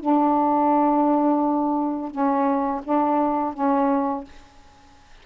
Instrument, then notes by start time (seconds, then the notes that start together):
saxophone
0.00 D4
2.10 C#4
2.83 D4
3.53 C#4